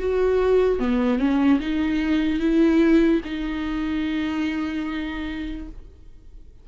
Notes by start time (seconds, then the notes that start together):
0.00 F#4
0.80 B3
1.19 C#4
1.60 D#4
2.40 E4
3.25 D#4